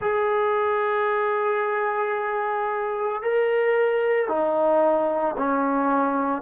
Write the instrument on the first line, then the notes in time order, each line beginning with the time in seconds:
trombone
0.00 G#4
3.22 A#4
4.28 D#4
5.37 C#4